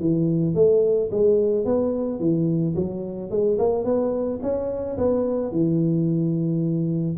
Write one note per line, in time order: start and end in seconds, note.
0.00 0.55 E3
0.55 1.10 A3
1.12 1.65 G#3
1.65 2.20 B3
2.20 2.75 E3
2.75 3.31 F#3
3.31 3.58 G#3
3.59 3.85 A#3
3.85 4.40 B3
4.43 4.98 C#4
4.98 5.52 B3
5.52 7.17 E3